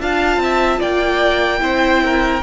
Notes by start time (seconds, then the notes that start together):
0.00 D4 F4 F5 A5
0.36 C4
0.42 E5
0.79 A#3 D5 G5
1.59 C4 E4 C5
2.04 A#4